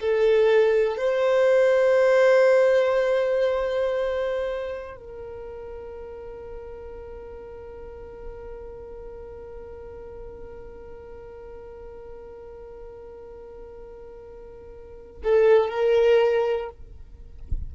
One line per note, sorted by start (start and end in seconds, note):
0.00 0.97 A4
0.97 4.97 C5
4.97 15.22 A#4
15.23 15.70 A4
15.70 16.70 A#4